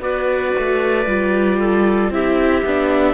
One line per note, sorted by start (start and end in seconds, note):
0.00 0.53 B3
0.00 1.06 F#4
0.00 1.59 B4
0.00 2.13 D5
0.58 1.06 A3
1.06 2.10 G3
1.06 2.12 F4
1.59 2.12 A4
2.10 2.63 C4
2.10 2.65 E4
2.10 3.14 G4
2.10 3.14 E5
2.65 3.14 B3
2.65 3.14 D4